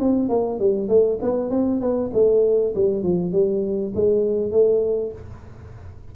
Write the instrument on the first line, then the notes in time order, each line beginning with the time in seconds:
tuba
0.00 C4
0.29 A#3
0.60 G3
0.89 A3
1.22 B3
1.50 C4
1.81 B3
2.14 A3
2.75 G3
3.03 F3
3.33 G3
3.95 G#3
4.52 A3